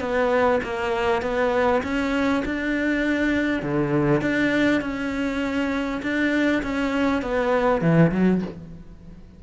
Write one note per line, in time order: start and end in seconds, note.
0.00 0.60 B3
0.64 1.22 A#3
1.22 1.82 B3
1.83 2.43 C#4
2.45 3.62 D4
3.62 4.21 D3
4.21 4.81 D4
4.81 6.01 C#4
6.02 6.62 D4
6.63 7.22 C#4
7.22 7.81 B3
7.81 8.11 E3
8.12 8.42 F#3